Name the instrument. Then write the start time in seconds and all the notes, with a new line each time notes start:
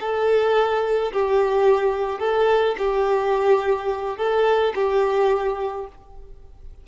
violin
0.00 A4
1.12 G4
2.19 A4
2.78 G4
4.17 A4
4.75 G4